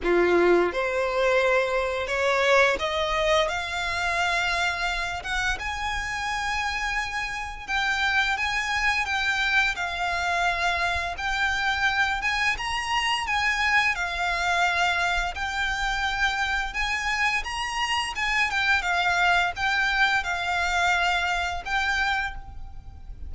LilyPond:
\new Staff \with { instrumentName = "violin" } { \time 4/4 \tempo 4 = 86 f'4 c''2 cis''4 | dis''4 f''2~ f''8 fis''8 | gis''2. g''4 | gis''4 g''4 f''2 |
g''4. gis''8 ais''4 gis''4 | f''2 g''2 | gis''4 ais''4 gis''8 g''8 f''4 | g''4 f''2 g''4 | }